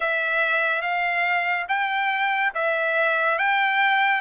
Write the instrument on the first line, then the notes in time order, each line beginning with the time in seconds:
trumpet
0.00 E5
0.81 F5
1.68 G5
2.54 E5
3.38 G5